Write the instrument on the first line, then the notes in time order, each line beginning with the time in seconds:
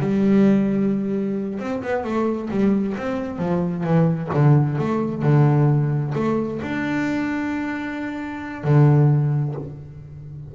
double bass
0.00 G3
1.59 C4
1.82 B3
2.04 A3
2.50 G3
2.97 C4
3.38 F3
3.83 E3
4.33 D3
4.78 A3
5.22 D3
6.14 A3
6.62 D4
8.64 D3